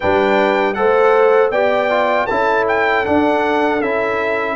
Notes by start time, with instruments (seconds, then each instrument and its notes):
0.00 tuba G3, trombone D4, horn B4, trumpet G5
0.74 tuba A3, trombone A4, horn C5, trumpet F#5
1.50 tuba B3, trombone G4, horn D5, trumpet G5
1.90 trombone F4
2.26 tuba C#4, trombone E4, horn A4, trumpet A5
2.68 trumpet G5
3.05 trombone D4, tuba D4, trumpet F#5
3.81 tuba C#4, trombone E4, trumpet E5